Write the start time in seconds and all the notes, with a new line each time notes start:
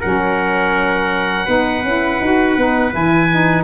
0.00 F#3 C#4 A#4 F#5
1.45 B3 D#4 B4
1.84 C#4 E4
2.21 D#4 F#4
2.57 B3 D#4
2.91 E3 E4 G#5
3.31 D#4